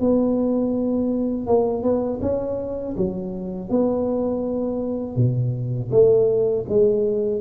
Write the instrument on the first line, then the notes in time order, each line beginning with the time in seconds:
tuba
0.00 B3
1.47 A#3
1.83 B3
2.22 C#4
2.97 F#3
3.70 B3
5.16 B2
5.91 A3
6.69 G#3